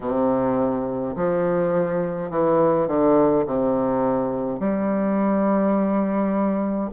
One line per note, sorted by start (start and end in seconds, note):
0.00 1.15 C3
1.15 2.30 F3
2.30 2.87 E3
2.87 3.45 D3
3.46 4.59 C3
4.59 6.90 G3